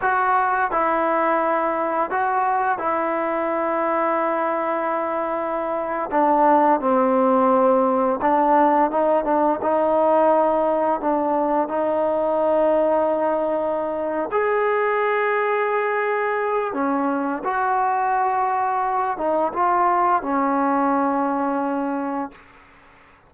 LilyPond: \new Staff \with { instrumentName = "trombone" } { \time 4/4 \tempo 4 = 86 fis'4 e'2 fis'4 | e'1~ | e'8. d'4 c'2 d'16~ | d'8. dis'8 d'8 dis'2 d'16~ |
d'8. dis'2.~ dis'16~ | dis'8 gis'2.~ gis'8 | cis'4 fis'2~ fis'8 dis'8 | f'4 cis'2. | }